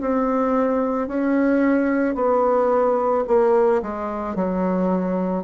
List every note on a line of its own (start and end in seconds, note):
0.00 1.07 C4
1.07 2.15 C#4
2.15 3.24 B3
3.27 3.81 A#3
3.82 4.35 G#3
4.35 5.43 F#3